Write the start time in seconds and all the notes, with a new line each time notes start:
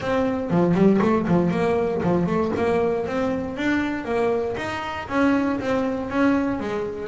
0.00 C4
0.50 F3
0.74 G3
1.01 A3
1.27 F3
1.50 A#3
2.02 F3
2.26 A3
2.56 A#3
3.06 C4
3.56 D4
4.04 A#3
4.56 D#4
5.08 C#4
5.59 C4
6.09 C#4
6.60 G#3